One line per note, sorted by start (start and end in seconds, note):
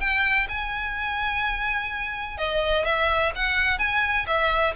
0.00 0.47 G5
0.49 2.38 G#5
2.38 2.85 D#5
2.85 3.32 E5
3.35 3.79 F#5
3.79 4.26 G#5
4.27 4.74 E5